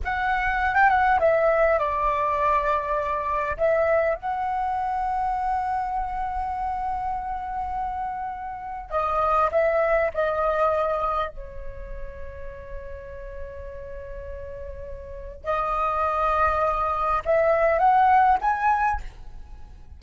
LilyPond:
\new Staff \with { instrumentName = "flute" } { \time 4/4 \tempo 4 = 101 fis''4~ fis''16 g''16 fis''8 e''4 d''4~ | d''2 e''4 fis''4~ | fis''1~ | fis''2. dis''4 |
e''4 dis''2 cis''4~ | cis''1~ | cis''2 dis''2~ | dis''4 e''4 fis''4 gis''4 | }